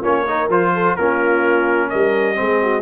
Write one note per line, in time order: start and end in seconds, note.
0.00 0.48 A#3
0.00 0.26 C#4
0.00 0.23 F4
0.00 0.50 C#5
0.26 0.50 D#4
0.26 0.73 A#4
0.48 0.95 F3
0.48 0.98 F4
0.48 0.96 C5
0.74 0.97 A4
0.96 1.92 A#3
0.96 2.35 C#4
0.96 1.89 F4
0.96 1.89 A#4
1.89 2.39 G3
1.89 2.36 A#4
1.89 2.82 D#5
2.35 2.82 G#3
2.35 2.82 C4
2.35 2.63 G#4
2.63 2.82 F#4